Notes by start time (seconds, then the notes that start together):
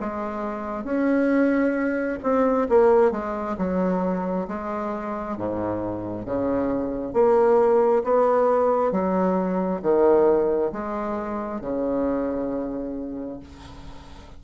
0.00 G#3
0.84 C#4
2.23 C4
2.69 A#3
3.11 G#3
3.58 F#3
4.48 G#3
5.37 G#2
6.25 C#3
7.13 A#3
8.04 B3
8.91 F#3
9.82 D#3
10.72 G#3
11.61 C#3